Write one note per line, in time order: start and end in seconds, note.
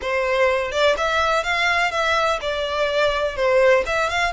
0.01 0.71 C5
0.71 0.95 D5
0.97 1.43 E5
1.43 1.91 F5
1.91 2.39 E5
2.41 3.36 D5
3.36 3.84 C5
3.86 4.09 E5
4.09 4.32 F5